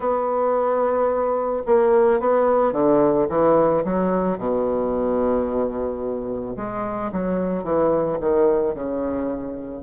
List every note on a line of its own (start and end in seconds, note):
0.00 1.63 B3
1.66 2.20 A#3
2.20 2.72 B3
2.72 3.26 D3
3.29 3.83 E3
3.84 4.37 F#3
4.37 6.56 B2
6.56 7.11 G#3
7.12 7.63 F#3
7.63 8.18 E3
8.20 8.74 D#3
8.74 9.82 C#3